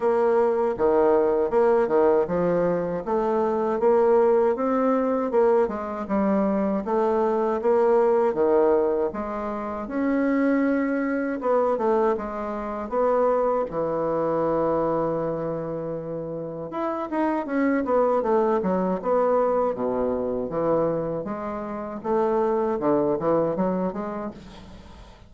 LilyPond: \new Staff \with { instrumentName = "bassoon" } { \time 4/4 \tempo 4 = 79 ais4 dis4 ais8 dis8 f4 | a4 ais4 c'4 ais8 gis8 | g4 a4 ais4 dis4 | gis4 cis'2 b8 a8 |
gis4 b4 e2~ | e2 e'8 dis'8 cis'8 b8 | a8 fis8 b4 b,4 e4 | gis4 a4 d8 e8 fis8 gis8 | }